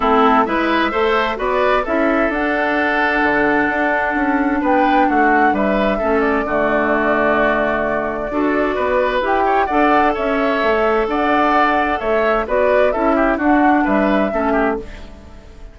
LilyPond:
<<
  \new Staff \with { instrumentName = "flute" } { \time 4/4 \tempo 4 = 130 a'4 e''2 d''4 | e''4 fis''2.~ | fis''2 g''4 fis''4 | e''4. d''2~ d''8~ |
d''1 | g''4 fis''4 e''2 | fis''2 e''4 d''4 | e''4 fis''4 e''2 | }
  \new Staff \with { instrumentName = "oboe" } { \time 4/4 e'4 b'4 c''4 b'4 | a'1~ | a'2 b'4 fis'4 | b'4 a'4 fis'2~ |
fis'2 a'4 b'4~ | b'8 cis''8 d''4 cis''2 | d''2 cis''4 b'4 | a'8 g'8 fis'4 b'4 a'8 g'8 | }
  \new Staff \with { instrumentName = "clarinet" } { \time 4/4 c'4 e'4 a'4 fis'4 | e'4 d'2.~ | d'1~ | d'4 cis'4 a2~ |
a2 fis'2 | g'4 a'2.~ | a'2. fis'4 | e'4 d'2 cis'4 | }
  \new Staff \with { instrumentName = "bassoon" } { \time 4/4 a4 gis4 a4 b4 | cis'4 d'2 d4 | d'4 cis'4 b4 a4 | g4 a4 d2~ |
d2 d'4 b4 | e'4 d'4 cis'4 a4 | d'2 a4 b4 | cis'4 d'4 g4 a4 | }
>>